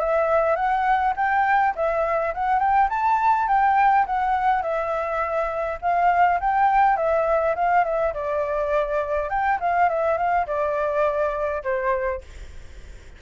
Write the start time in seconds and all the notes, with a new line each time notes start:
0.00 E5
0.56 F#5
1.16 G5
1.75 E5
2.34 F#5
2.59 G5
2.89 A5
3.48 G5
4.06 F#5
4.62 E5
5.81 F5
6.40 G5
6.97 E5
7.55 F5
7.84 E5
8.14 D5
9.29 G5
9.60 F5
9.89 E5
10.17 F5
10.47 D5
11.63 C5